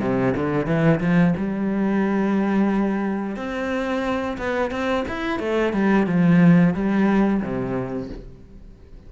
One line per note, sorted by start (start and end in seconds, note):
0.00 0.34 C3
0.36 0.66 D3
0.66 1.00 E3
1.00 1.34 F3
1.37 3.36 G3
3.36 4.37 C4
4.38 4.71 B3
4.71 5.05 C4
5.08 5.39 E4
5.39 5.73 A3
5.73 6.07 G3
6.07 6.74 F3
6.74 7.41 G3
7.42 8.09 C3